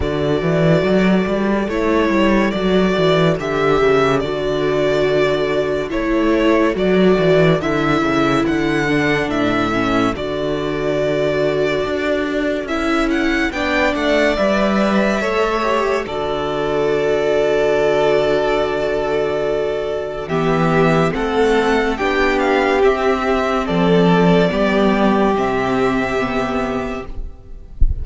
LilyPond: <<
  \new Staff \with { instrumentName = "violin" } { \time 4/4 \tempo 4 = 71 d''2 cis''4 d''4 | e''4 d''2 cis''4 | d''4 e''4 fis''4 e''4 | d''2. e''8 fis''8 |
g''8 fis''8 e''2 d''4~ | d''1 | e''4 fis''4 g''8 f''8 e''4 | d''2 e''2 | }
  \new Staff \with { instrumentName = "violin" } { \time 4/4 a'1~ | a'1~ | a'1~ | a'1 |
d''2 cis''4 a'4~ | a'1 | g'4 a'4 g'2 | a'4 g'2. | }
  \new Staff \with { instrumentName = "viola" } { \time 4/4 fis'2 e'4 fis'4 | g'4 fis'2 e'4 | fis'4 e'4. d'4 cis'8 | fis'2. e'4 |
d'4 b'4 a'8 g'8 fis'4~ | fis'1 | b4 c'4 d'4 c'4~ | c'4 b4 c'4 b4 | }
  \new Staff \with { instrumentName = "cello" } { \time 4/4 d8 e8 fis8 g8 a8 g8 fis8 e8 | d8 cis8 d2 a4 | fis8 e8 d8 cis8 d4 a,4 | d2 d'4 cis'4 |
b8 a8 g4 a4 d4~ | d1 | e4 a4 b4 c'4 | f4 g4 c2 | }
>>